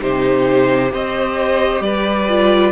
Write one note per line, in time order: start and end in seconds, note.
0.00 0.93 C3
0.00 0.89 D#4
0.00 0.92 G4
0.00 0.93 C5
0.89 1.81 C4
0.89 2.26 G4
0.89 1.83 C5
0.89 1.82 D#5
1.81 2.72 G3
1.81 2.72 B4
1.81 2.72 D5
2.29 2.72 F4